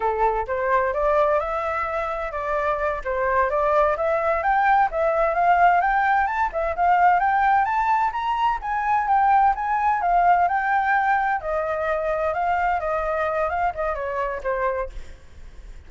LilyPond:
\new Staff \with { instrumentName = "flute" } { \time 4/4 \tempo 4 = 129 a'4 c''4 d''4 e''4~ | e''4 d''4. c''4 d''8~ | d''8 e''4 g''4 e''4 f''8~ | f''8 g''4 a''8 e''8 f''4 g''8~ |
g''8 a''4 ais''4 gis''4 g''8~ | g''8 gis''4 f''4 g''4.~ | g''8 dis''2 f''4 dis''8~ | dis''4 f''8 dis''8 cis''4 c''4 | }